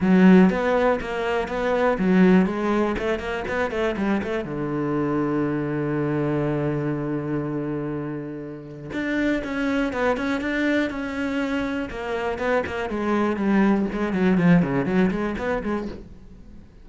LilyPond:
\new Staff \with { instrumentName = "cello" } { \time 4/4 \tempo 4 = 121 fis4 b4 ais4 b4 | fis4 gis4 a8 ais8 b8 a8 | g8 a8 d2.~ | d1~ |
d2 d'4 cis'4 | b8 cis'8 d'4 cis'2 | ais4 b8 ais8 gis4 g4 | gis8 fis8 f8 cis8 fis8 gis8 b8 gis8 | }